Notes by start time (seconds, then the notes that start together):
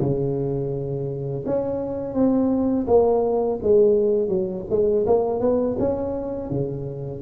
0.00 C#3
1.46 C#4
2.14 C4
2.87 A#3
3.63 G#3
4.28 F#3
4.70 G#3
5.07 A#3
5.41 B3
5.79 C#4
6.51 C#3